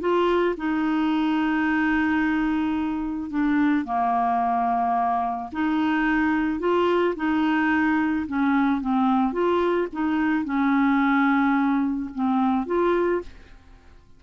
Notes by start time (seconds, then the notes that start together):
0.00 F4
0.57 D#4
3.30 D4
3.85 A#3
5.52 D#4
6.59 F4
7.16 D#4
8.27 C#4
8.80 C4
9.32 F4
9.92 D#4
10.44 C#4
12.14 C4
12.66 F4